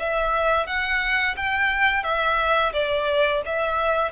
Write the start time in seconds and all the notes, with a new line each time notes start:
0.00 E5
0.67 F#5
1.37 G5
2.04 E5
2.74 D5
3.46 E5